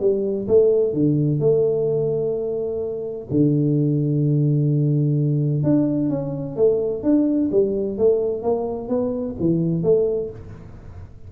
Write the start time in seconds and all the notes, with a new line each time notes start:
0.00 G3
0.48 A3
0.93 D3
1.39 A3
3.30 D3
5.63 D4
6.09 C#4
6.56 A3
7.02 D4
7.51 G3
7.97 A3
8.42 A#3
8.88 B3
9.39 E3
9.83 A3